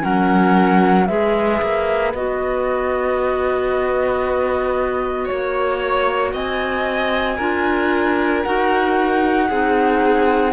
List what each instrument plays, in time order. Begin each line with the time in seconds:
0.00 cello F#3, clarinet C#4, violin A#4, flute F#5
1.07 cello G#3, clarinet G#4, violin B4, flute E5
1.62 cello A#3
2.14 cello B3, clarinet F#4, flute D#5
5.25 cello A#3, violin C#5, flute C#5
6.33 cello C4, violin D#5, flute G#5
7.36 cello D4, clarinet F4, violin A#4
8.43 cello D#4, clarinet F#4, flute F#5
9.49 cello C4, clarinet D#4, violin G#4